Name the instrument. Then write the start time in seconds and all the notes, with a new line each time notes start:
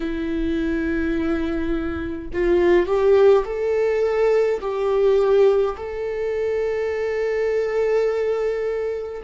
viola
0.00 E4
2.33 F4
2.86 G4
3.45 A4
4.60 G4
5.76 A4